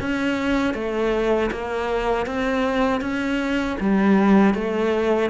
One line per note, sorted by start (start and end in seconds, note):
0.00 0.74 C#4
0.74 1.50 A3
1.51 2.26 A#3
2.26 3.01 C4
3.01 3.77 C#4
3.80 4.54 G3
4.54 5.30 A3